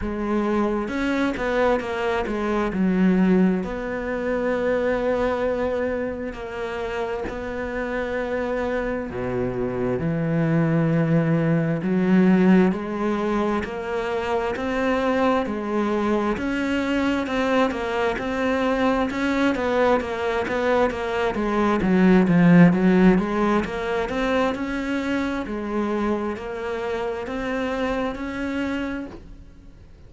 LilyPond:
\new Staff \with { instrumentName = "cello" } { \time 4/4 \tempo 4 = 66 gis4 cis'8 b8 ais8 gis8 fis4 | b2. ais4 | b2 b,4 e4~ | e4 fis4 gis4 ais4 |
c'4 gis4 cis'4 c'8 ais8 | c'4 cis'8 b8 ais8 b8 ais8 gis8 | fis8 f8 fis8 gis8 ais8 c'8 cis'4 | gis4 ais4 c'4 cis'4 | }